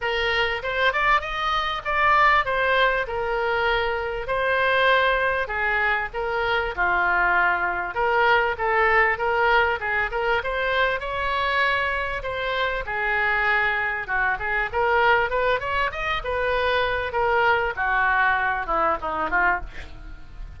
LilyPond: \new Staff \with { instrumentName = "oboe" } { \time 4/4 \tempo 4 = 98 ais'4 c''8 d''8 dis''4 d''4 | c''4 ais'2 c''4~ | c''4 gis'4 ais'4 f'4~ | f'4 ais'4 a'4 ais'4 |
gis'8 ais'8 c''4 cis''2 | c''4 gis'2 fis'8 gis'8 | ais'4 b'8 cis''8 dis''8 b'4. | ais'4 fis'4. e'8 dis'8 f'8 | }